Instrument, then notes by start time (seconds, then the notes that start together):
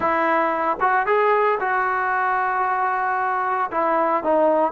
trombone
0.00 E4
0.80 F#4
1.06 G#4
1.60 F#4
3.71 E4
4.23 D#4